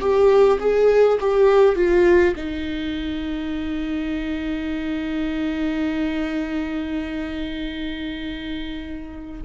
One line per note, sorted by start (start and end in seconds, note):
0.00 0.59 G4
0.59 1.18 G#4
1.20 1.75 G4
1.75 2.34 F4
2.36 9.42 D#4